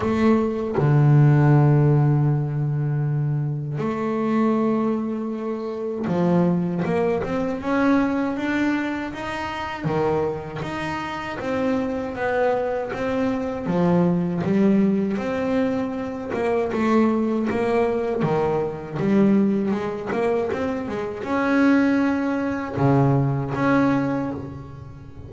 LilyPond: \new Staff \with { instrumentName = "double bass" } { \time 4/4 \tempo 4 = 79 a4 d2.~ | d4 a2. | f4 ais8 c'8 cis'4 d'4 | dis'4 dis4 dis'4 c'4 |
b4 c'4 f4 g4 | c'4. ais8 a4 ais4 | dis4 g4 gis8 ais8 c'8 gis8 | cis'2 cis4 cis'4 | }